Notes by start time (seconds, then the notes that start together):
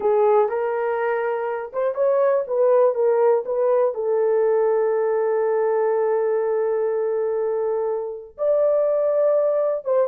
0.00 G#4
0.49 A#4
1.72 C5
1.94 C#5
2.47 B4
2.94 A#4
3.45 B4
3.94 A4
8.37 D5
9.85 C5